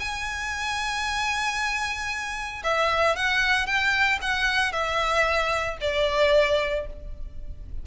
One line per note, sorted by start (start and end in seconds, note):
0.00 2.63 G#5
2.64 3.16 E5
3.16 3.67 F#5
3.67 4.19 G5
4.22 4.72 F#5
4.72 5.78 E5
5.81 6.87 D5